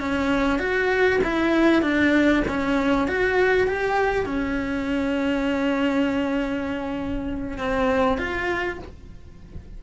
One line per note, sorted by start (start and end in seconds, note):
0.00 0.59 C#4
0.59 1.20 F#4
1.24 1.82 E4
1.82 2.43 D4
2.48 3.08 C#4
3.08 3.67 F#4
3.67 4.26 G4
4.26 7.58 C#4
7.58 8.18 C4
8.18 8.79 F4